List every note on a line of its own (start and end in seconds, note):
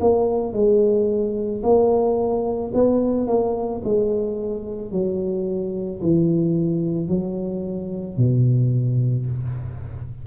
0.00 0.53 A#3
0.53 1.62 G#3
1.63 2.72 A#3
2.74 3.27 B3
3.27 3.82 A#3
3.84 4.91 G#3
4.91 6.00 F#3
6.01 7.08 E3
7.08 8.17 F#3
8.17 9.26 B2